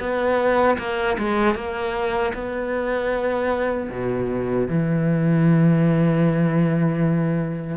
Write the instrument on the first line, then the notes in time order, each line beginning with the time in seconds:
cello
0.00 B3
0.79 A#3
1.19 G#3
1.55 A#3
2.34 B3
3.91 B2
4.69 E3